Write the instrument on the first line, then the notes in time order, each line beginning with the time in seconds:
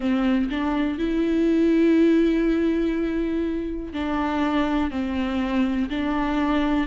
viola
0.00 C4
0.50 D4
0.98 E4
3.93 D4
4.90 C4
5.89 D4